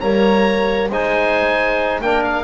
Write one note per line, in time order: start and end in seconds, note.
0.00 0.89 G3
0.00 0.91 A#3
0.00 0.91 C#5
0.00 0.89 A#5
0.89 2.00 G#3
0.89 2.04 D#4
0.89 2.02 C5
0.89 2.01 G#5
2.01 2.44 A#3
2.01 2.44 D4
2.01 2.44 A#4
2.01 2.23 G5
2.24 2.44 F5